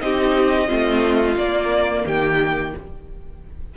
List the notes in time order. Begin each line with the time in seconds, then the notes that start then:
0.00 C4 D#4 G4 D#5
0.67 A3 C4 F4
1.36 A#3 D5
2.05 D#3 G4 G5